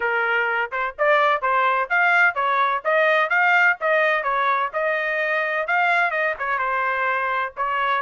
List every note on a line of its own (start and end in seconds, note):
0.00 0.71 A#4
0.71 0.95 C5
0.98 1.41 D5
1.41 1.88 C5
1.89 2.34 F5
2.34 2.82 C#5
2.84 3.29 D#5
3.29 3.76 F5
3.80 4.23 D#5
4.23 4.70 C#5
4.73 5.67 D#5
5.67 6.11 F5
6.11 6.34 D#5
6.38 6.58 C#5
6.58 7.52 C5
7.56 8.02 C#5